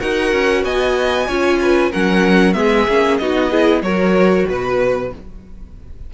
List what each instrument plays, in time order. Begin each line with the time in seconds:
0.00 cello D#4, viola F#4, violin A#4 F#5
0.32 cello C#4
0.64 cello B3, violin D#5 G#5
1.28 cello C#4, viola F4, violin C#5
1.62 violin B4
1.91 cello F#3, viola C#4, violin A#4 F#5
2.54 cello G#3, viola B3, violin G#4 E5
2.88 cello A#3, viola C#4
3.18 cello B3, viola D#4, violin F#4 D#5
3.50 viola E4, violin G#4
3.82 cello F#3, viola F#4, violin A#4 C#5
4.48 cello B2, violin B4